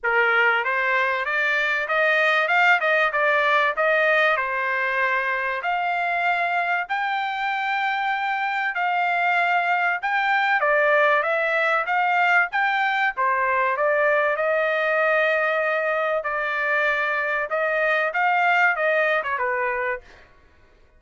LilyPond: \new Staff \with { instrumentName = "trumpet" } { \time 4/4 \tempo 4 = 96 ais'4 c''4 d''4 dis''4 | f''8 dis''8 d''4 dis''4 c''4~ | c''4 f''2 g''4~ | g''2 f''2 |
g''4 d''4 e''4 f''4 | g''4 c''4 d''4 dis''4~ | dis''2 d''2 | dis''4 f''4 dis''8. cis''16 b'4 | }